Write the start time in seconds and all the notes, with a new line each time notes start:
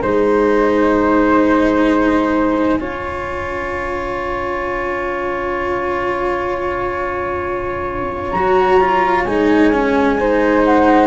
0.00 G#3 D#4 C5 G#5
2.80 C#4 F4 C#5
8.31 F#3 F#4 A#5
8.81 F4
9.25 G#3 D#4 G#5
9.73 C#4
10.20 D#4 C5
10.65 F#5